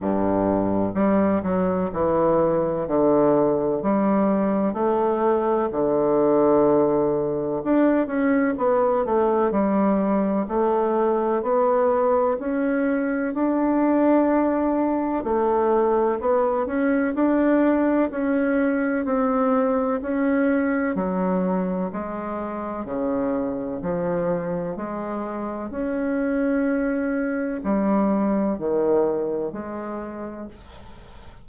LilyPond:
\new Staff \with { instrumentName = "bassoon" } { \time 4/4 \tempo 4 = 63 g,4 g8 fis8 e4 d4 | g4 a4 d2 | d'8 cis'8 b8 a8 g4 a4 | b4 cis'4 d'2 |
a4 b8 cis'8 d'4 cis'4 | c'4 cis'4 fis4 gis4 | cis4 f4 gis4 cis'4~ | cis'4 g4 dis4 gis4 | }